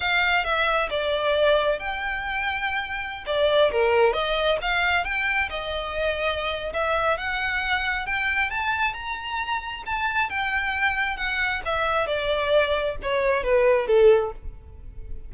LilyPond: \new Staff \with { instrumentName = "violin" } { \time 4/4 \tempo 4 = 134 f''4 e''4 d''2 | g''2.~ g''16 d''8.~ | d''16 ais'4 dis''4 f''4 g''8.~ | g''16 dis''2~ dis''8. e''4 |
fis''2 g''4 a''4 | ais''2 a''4 g''4~ | g''4 fis''4 e''4 d''4~ | d''4 cis''4 b'4 a'4 | }